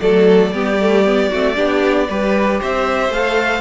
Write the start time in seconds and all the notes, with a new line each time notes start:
0.00 F#3 A3 A4 D5
0.51 G3 B3 G4
0.80 A3
1.04 B3
1.29 A3 C4 F#4
1.55 B3 D4 G4
2.09 G3 G4 B4
2.60 C4 C5 E5
3.09 A3 A4 F5